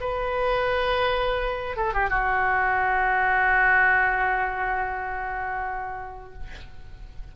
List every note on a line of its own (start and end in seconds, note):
0.00 1.76 B4
1.76 1.93 A4
1.93 2.10 G4
2.10 6.33 F#4